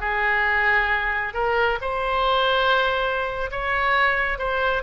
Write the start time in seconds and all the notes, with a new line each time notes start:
0.00 G#4
1.33 A#4
1.81 C5
3.51 C#5
4.38 C5